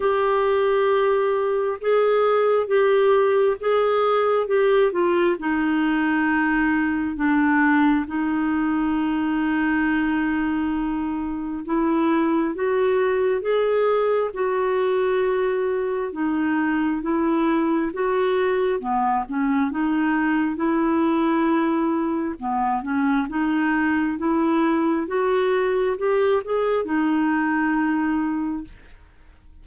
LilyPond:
\new Staff \with { instrumentName = "clarinet" } { \time 4/4 \tempo 4 = 67 g'2 gis'4 g'4 | gis'4 g'8 f'8 dis'2 | d'4 dis'2.~ | dis'4 e'4 fis'4 gis'4 |
fis'2 dis'4 e'4 | fis'4 b8 cis'8 dis'4 e'4~ | e'4 b8 cis'8 dis'4 e'4 | fis'4 g'8 gis'8 dis'2 | }